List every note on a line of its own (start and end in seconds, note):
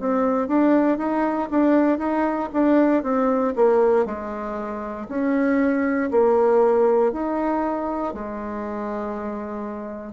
0.00 0.48 C4
0.48 0.98 D4
0.98 1.49 D#4
1.51 1.99 D4
1.99 2.50 D#4
2.53 3.03 D4
3.03 3.54 C4
3.56 4.05 A#3
4.05 5.07 G#3
5.09 6.11 C#4
6.11 7.13 A#3
7.13 8.14 D#4
8.14 10.13 G#3